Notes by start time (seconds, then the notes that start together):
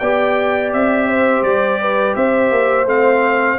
0.00 B3 G4 D5 G5
0.73 C4 E5
1.08 C5
1.42 G3 D5
1.81 B4
2.16 C4 C5 E5
2.51 A#3
2.86 A3 C4 F5